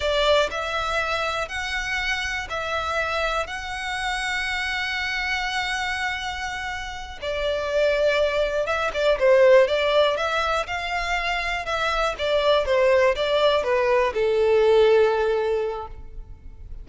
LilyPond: \new Staff \with { instrumentName = "violin" } { \time 4/4 \tempo 4 = 121 d''4 e''2 fis''4~ | fis''4 e''2 fis''4~ | fis''1~ | fis''2~ fis''8 d''4.~ |
d''4. e''8 d''8 c''4 d''8~ | d''8 e''4 f''2 e''8~ | e''8 d''4 c''4 d''4 b'8~ | b'8 a'2.~ a'8 | }